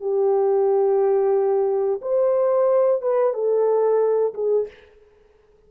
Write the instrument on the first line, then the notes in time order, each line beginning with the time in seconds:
horn
0.00 G4
2.01 C5
3.02 B4
3.33 A4
4.34 G#4